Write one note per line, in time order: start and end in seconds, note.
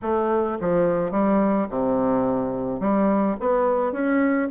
0.02 0.58 A3
0.60 1.11 F3
1.11 1.67 G3
1.69 2.80 C3
2.80 3.36 G3
3.40 3.92 B3
3.92 4.48 C#4